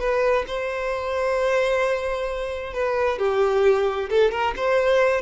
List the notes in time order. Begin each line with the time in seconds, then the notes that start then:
0.00 B4
0.48 C5
2.74 B4
3.19 G4
4.10 A4
4.32 A#4
4.57 C5